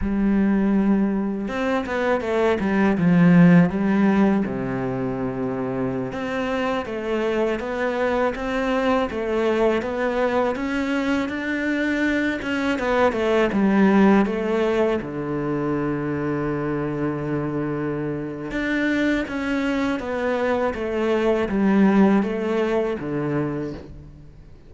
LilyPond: \new Staff \with { instrumentName = "cello" } { \time 4/4 \tempo 4 = 81 g2 c'8 b8 a8 g8 | f4 g4 c2~ | c16 c'4 a4 b4 c'8.~ | c'16 a4 b4 cis'4 d'8.~ |
d'8. cis'8 b8 a8 g4 a8.~ | a16 d2.~ d8.~ | d4 d'4 cis'4 b4 | a4 g4 a4 d4 | }